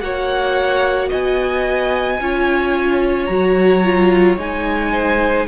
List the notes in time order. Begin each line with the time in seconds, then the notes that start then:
0.00 A#3 F#4 C#5 F#5
1.08 B3 D#5 G#5
2.20 C#4 F4 C#5
3.25 F#3 F#4 A#5
3.84 F4
4.37 G#3 D#4 G#5
4.92 C5